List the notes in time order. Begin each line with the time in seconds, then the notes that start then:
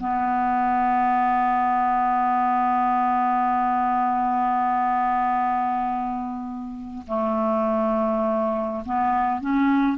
0.00 B3
7.07 A3
8.85 B3
9.41 C#4